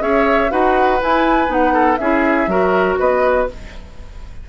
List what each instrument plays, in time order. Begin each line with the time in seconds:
0.00 bassoon C#4, clarinet G#4, oboe C#5, flute E5
0.50 bassoon D#4, clarinet F#4, oboe B4, flute F#5
1.01 clarinet E4, bassoon E4, flute G#5
1.47 bassoon B3, clarinet D#4, flute F#5
1.74 oboe A4
1.97 bassoon C#4, clarinet E4, oboe G#4, flute E5
2.47 bassoon F#3, clarinet F#4, oboe A#4
2.99 bassoon B3, oboe B4, flute D#5